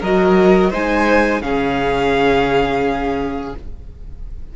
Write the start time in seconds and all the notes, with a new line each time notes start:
0.00 F#3 F#4 A#4 D#5
0.70 G#3 D#4 C5 G#5
1.42 C#3 C#4 G#4 F5